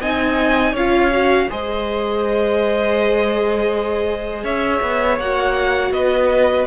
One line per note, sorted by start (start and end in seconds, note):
0.00 0.73 C4
0.00 0.76 D#4
0.00 0.72 D#5
0.00 0.76 G#5
0.72 1.47 C#4
0.72 1.12 F4
0.72 1.46 C#5
0.72 1.51 F5
1.12 1.49 F#4
1.50 4.44 G#3
1.50 5.20 G#4
1.50 4.44 C5
1.50 4.45 D#5
4.44 4.81 C#4
4.44 5.92 C#5
4.44 5.19 E5
4.82 5.19 B3
5.19 5.91 A#3
5.19 6.67 F#4
5.19 5.93 F#5
5.91 6.65 B3
5.91 6.67 B4
5.91 6.67 D#5